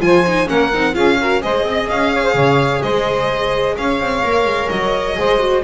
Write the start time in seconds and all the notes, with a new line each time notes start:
0.00 F3 F4 C5 G#5
0.27 D#4
0.46 A#3 C#4 A#4 F#5
0.74 C4 D#4
0.93 C#4 F4 G#4 F5
1.20 F#4 A#4
1.41 G#3 G#4 C5 D#5
1.63 C4 D#5
1.89 C#4 F5
2.13 C#5
2.23 C5
2.34 C#3 C#5
2.82 G#3 C5 D#5
3.77 C#4 C#5 F5
4.00 C4
4.22 A#3 A#4
4.45 G#3
4.69 F#3 D#5
5.15 G#3 G#4 C5
5.39 F#4